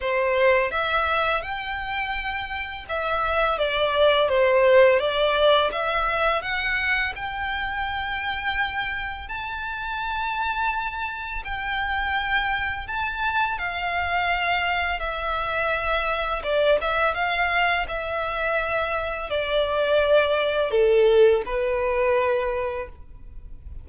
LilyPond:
\new Staff \with { instrumentName = "violin" } { \time 4/4 \tempo 4 = 84 c''4 e''4 g''2 | e''4 d''4 c''4 d''4 | e''4 fis''4 g''2~ | g''4 a''2. |
g''2 a''4 f''4~ | f''4 e''2 d''8 e''8 | f''4 e''2 d''4~ | d''4 a'4 b'2 | }